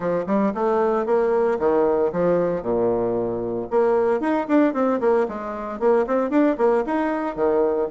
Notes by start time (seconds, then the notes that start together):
0.00 F3
0.26 G3
0.54 A3
1.06 A#3
1.59 D#3
2.12 F3
2.62 A#2
3.70 A#3
4.20 D#4
4.48 D4
4.73 C4
5.00 A#3
5.28 G#3
5.79 A#3
6.06 C4
6.30 D4
6.57 A#3
6.85 D#4
7.35 D#3